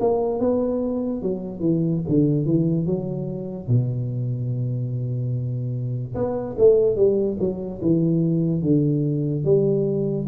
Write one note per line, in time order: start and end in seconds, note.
0.00 0.40 A#3
0.40 1.22 B3
1.23 1.60 F#3
1.60 2.01 E3
2.09 2.46 D3
2.46 2.86 E3
2.86 3.68 F#3
3.68 6.15 B2
6.15 6.56 B3
6.58 6.96 A3
6.96 7.37 G3
7.40 7.81 F#3
7.82 8.62 E3
8.62 9.44 D3
9.44 10.27 G3